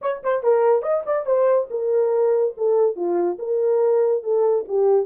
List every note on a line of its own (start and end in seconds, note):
0.01 0.22 C#5
0.23 0.43 C5
0.43 0.82 A#4
0.82 1.03 D#5
1.05 1.26 D5
1.26 1.68 C5
1.70 2.54 A#4
2.57 2.96 A4
2.96 3.38 F4
3.38 4.23 A#4
4.23 4.65 A4
4.68 5.06 G4